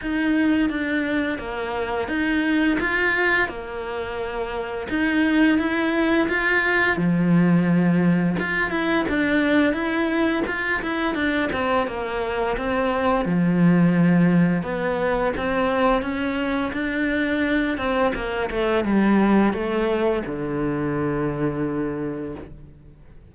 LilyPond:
\new Staff \with { instrumentName = "cello" } { \time 4/4 \tempo 4 = 86 dis'4 d'4 ais4 dis'4 | f'4 ais2 dis'4 | e'4 f'4 f2 | f'8 e'8 d'4 e'4 f'8 e'8 |
d'8 c'8 ais4 c'4 f4~ | f4 b4 c'4 cis'4 | d'4. c'8 ais8 a8 g4 | a4 d2. | }